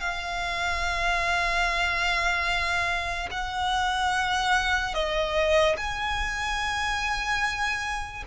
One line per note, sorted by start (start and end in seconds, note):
0.00 3.29 F5
3.31 4.94 F#5
4.94 5.76 D#5
5.77 8.23 G#5